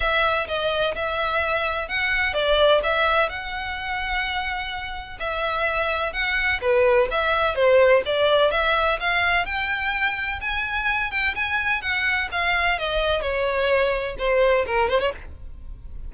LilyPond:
\new Staff \with { instrumentName = "violin" } { \time 4/4 \tempo 4 = 127 e''4 dis''4 e''2 | fis''4 d''4 e''4 fis''4~ | fis''2. e''4~ | e''4 fis''4 b'4 e''4 |
c''4 d''4 e''4 f''4 | g''2 gis''4. g''8 | gis''4 fis''4 f''4 dis''4 | cis''2 c''4 ais'8 c''16 cis''16 | }